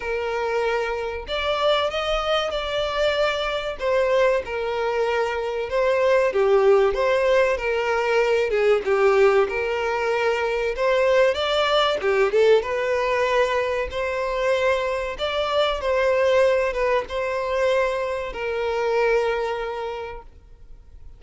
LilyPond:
\new Staff \with { instrumentName = "violin" } { \time 4/4 \tempo 4 = 95 ais'2 d''4 dis''4 | d''2 c''4 ais'4~ | ais'4 c''4 g'4 c''4 | ais'4. gis'8 g'4 ais'4~ |
ais'4 c''4 d''4 g'8 a'8 | b'2 c''2 | d''4 c''4. b'8 c''4~ | c''4 ais'2. | }